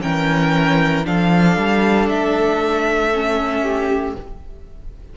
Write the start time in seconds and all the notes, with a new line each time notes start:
0.00 E3 C#4 A#4 G5
1.04 F3 D4 A4 F5
1.57 G3
2.08 A3 E5
3.13 C#4
3.61 G4